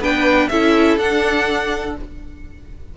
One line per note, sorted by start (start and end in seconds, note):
0.00 0.49 B3
0.00 0.51 D4
0.00 0.49 B4
0.00 0.48 G5
0.48 0.97 C#4
0.48 1.00 E4
0.48 1.97 A4
0.48 0.97 E5
0.97 1.95 D4
0.97 1.97 D4
0.97 1.97 F#5